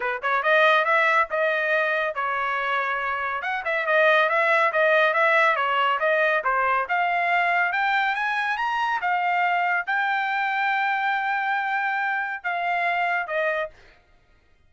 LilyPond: \new Staff \with { instrumentName = "trumpet" } { \time 4/4 \tempo 4 = 140 b'8 cis''8 dis''4 e''4 dis''4~ | dis''4 cis''2. | fis''8 e''8 dis''4 e''4 dis''4 | e''4 cis''4 dis''4 c''4 |
f''2 g''4 gis''4 | ais''4 f''2 g''4~ | g''1~ | g''4 f''2 dis''4 | }